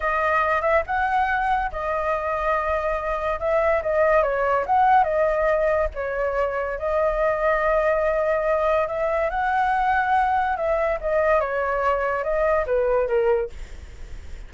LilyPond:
\new Staff \with { instrumentName = "flute" } { \time 4/4 \tempo 4 = 142 dis''4. e''8 fis''2 | dis''1 | e''4 dis''4 cis''4 fis''4 | dis''2 cis''2 |
dis''1~ | dis''4 e''4 fis''2~ | fis''4 e''4 dis''4 cis''4~ | cis''4 dis''4 b'4 ais'4 | }